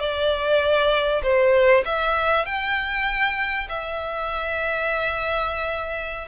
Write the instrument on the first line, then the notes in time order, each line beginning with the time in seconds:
violin
0.00 D5
1.23 C5
1.86 E5
2.46 G5
3.69 E5